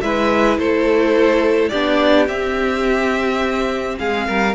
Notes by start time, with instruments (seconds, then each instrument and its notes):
0.00 cello G#3, viola E4, violin B4 E5
0.57 cello A3, violin A4 C5
1.68 cello B3, viola D4, violin G4 D5
2.27 viola C4, cello C4, violin E5
3.98 cello G#3, violin G#4 F5
4.27 cello G3, violin A#4